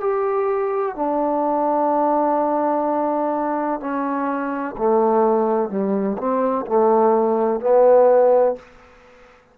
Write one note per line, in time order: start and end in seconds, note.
0.00 0.95 G4
0.95 3.80 D4
3.80 4.75 C#4
4.77 5.69 A3
5.69 6.17 G3
6.17 6.65 C4
6.66 7.60 A3
7.60 8.55 B3